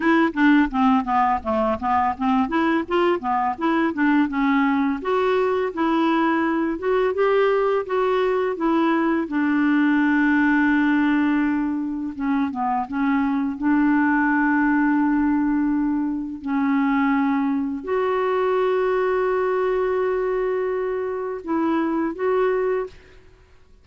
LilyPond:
\new Staff \with { instrumentName = "clarinet" } { \time 4/4 \tempo 4 = 84 e'8 d'8 c'8 b8 a8 b8 c'8 e'8 | f'8 b8 e'8 d'8 cis'4 fis'4 | e'4. fis'8 g'4 fis'4 | e'4 d'2.~ |
d'4 cis'8 b8 cis'4 d'4~ | d'2. cis'4~ | cis'4 fis'2.~ | fis'2 e'4 fis'4 | }